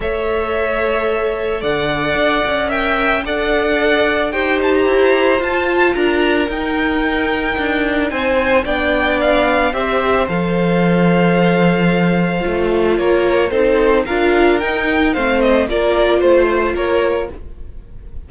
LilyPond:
<<
  \new Staff \with { instrumentName = "violin" } { \time 4/4 \tempo 4 = 111 e''2. fis''4~ | fis''4 g''4 fis''2 | g''8 a''16 ais''4~ ais''16 a''4 ais''4 | g''2. gis''4 |
g''4 f''4 e''4 f''4~ | f''1 | cis''4 c''4 f''4 g''4 | f''8 dis''8 d''4 c''4 cis''4 | }
  \new Staff \with { instrumentName = "violin" } { \time 4/4 cis''2. d''4~ | d''4 e''4 d''2 | c''2. ais'4~ | ais'2. c''4 |
d''2 c''2~ | c''1 | ais'4 a'4 ais'2 | c''4 ais'4 c''4 ais'4 | }
  \new Staff \with { instrumentName = "viola" } { \time 4/4 a'1~ | a'4 ais'4 a'2 | g'2 f'2 | dis'1 |
d'2 g'4 a'4~ | a'2. f'4~ | f'4 dis'4 f'4 dis'4 | c'4 f'2. | }
  \new Staff \with { instrumentName = "cello" } { \time 4/4 a2. d4 | d'8 cis'4. d'2 | dis'4 e'4 f'4 d'4 | dis'2 d'4 c'4 |
b2 c'4 f4~ | f2. a4 | ais4 c'4 d'4 dis'4 | a4 ais4 a4 ais4 | }
>>